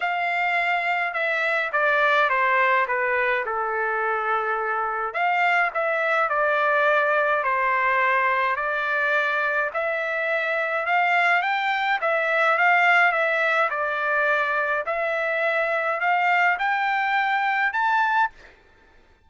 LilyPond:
\new Staff \with { instrumentName = "trumpet" } { \time 4/4 \tempo 4 = 105 f''2 e''4 d''4 | c''4 b'4 a'2~ | a'4 f''4 e''4 d''4~ | d''4 c''2 d''4~ |
d''4 e''2 f''4 | g''4 e''4 f''4 e''4 | d''2 e''2 | f''4 g''2 a''4 | }